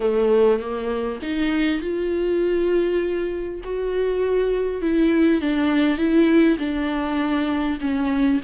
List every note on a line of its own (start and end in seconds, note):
0.00 0.59 A3
0.59 1.19 A#3
1.22 1.81 D#4
1.81 3.61 F4
3.63 4.81 F#4
4.81 5.41 E4
5.41 5.97 D4
5.97 6.57 E4
6.58 7.78 D4
7.80 8.40 C#4